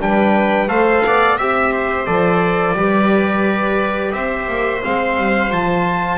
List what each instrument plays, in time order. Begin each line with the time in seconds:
0.00 double bass G3, trombone D4, viola B4, trumpet G5
0.68 double bass A3, trombone A4, viola C5, trumpet F5
1.06 double bass B3, viola D5
1.38 double bass C4, trombone G4, viola E5, trumpet E5
1.72 viola C5
2.06 double bass F3, trombone A4, trumpet D5
2.73 double bass G3, trombone G4, viola B4
4.13 double bass C4, viola C5, trumpet E5
4.48 double bass A#3
4.82 double bass G#3, trombone C4, trumpet F5
5.18 double bass G3
5.50 double bass F3, trombone F4, trumpet A5